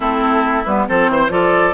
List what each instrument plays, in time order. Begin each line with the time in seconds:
0.00 bassoon A3, clarinet C4, oboe E4, flute A4
0.64 bassoon G3, clarinet B3, flute B4
0.88 bassoon F3, clarinet C4, oboe A4, flute C5
1.08 bassoon E3, oboe C5
1.29 bassoon F3, clarinet F4, oboe A4, flute D5